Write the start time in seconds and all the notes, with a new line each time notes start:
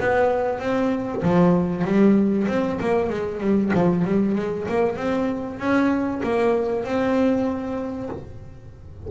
0.00 B3
0.59 C4
1.22 F3
1.84 G3
2.48 C4
2.81 A#3
3.10 G#3
3.40 G3
3.74 F3
4.05 G3
4.36 G#3
4.68 A#3
4.97 C4
5.59 C#4
6.23 A#3
6.84 C4